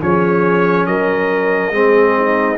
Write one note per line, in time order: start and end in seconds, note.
0.00 0.87 F3
0.00 1.71 C#4
0.00 0.87 G#4
0.00 0.86 C#5
0.86 1.71 F#3
0.86 1.73 A#4
0.86 2.57 D#5
1.71 2.57 G#3
1.71 2.58 C4
1.71 2.18 G#4
2.18 2.58 D#4